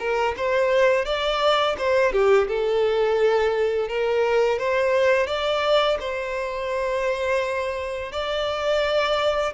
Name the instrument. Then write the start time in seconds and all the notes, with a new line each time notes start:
violin
0.00 A#4
0.37 C5
1.06 D5
1.78 C5
2.13 G4
2.49 A4
3.89 A#4
4.59 C5
5.27 D5
6.01 C5
8.12 D5